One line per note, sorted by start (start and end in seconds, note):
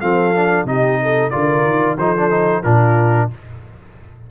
0.00 0.64 F3
0.00 0.34 C4
0.00 0.66 A4
0.00 0.66 F5
0.35 0.66 D4
0.64 1.30 C3
0.64 1.31 D#4
0.64 1.01 G4
0.64 1.30 D#5
1.02 1.32 A4
1.30 1.64 D3
1.30 1.97 F4
1.30 1.98 A#4
1.30 1.96 D5
1.64 1.97 D#3
1.97 2.63 F3
1.97 2.16 D#4
1.97 2.63 A4
1.97 2.63 C5
2.16 2.30 D4
2.30 2.63 D#4
2.63 3.30 A#2
2.63 3.30 D4
2.63 3.29 F4
2.63 3.29 A#4